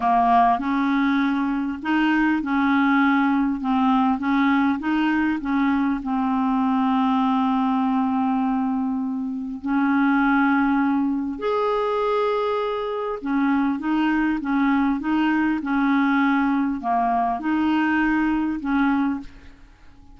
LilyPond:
\new Staff \with { instrumentName = "clarinet" } { \time 4/4 \tempo 4 = 100 ais4 cis'2 dis'4 | cis'2 c'4 cis'4 | dis'4 cis'4 c'2~ | c'1 |
cis'2. gis'4~ | gis'2 cis'4 dis'4 | cis'4 dis'4 cis'2 | ais4 dis'2 cis'4 | }